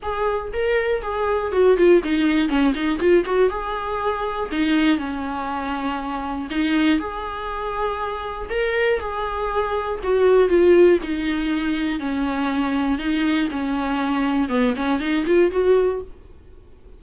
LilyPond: \new Staff \with { instrumentName = "viola" } { \time 4/4 \tempo 4 = 120 gis'4 ais'4 gis'4 fis'8 f'8 | dis'4 cis'8 dis'8 f'8 fis'8 gis'4~ | gis'4 dis'4 cis'2~ | cis'4 dis'4 gis'2~ |
gis'4 ais'4 gis'2 | fis'4 f'4 dis'2 | cis'2 dis'4 cis'4~ | cis'4 b8 cis'8 dis'8 f'8 fis'4 | }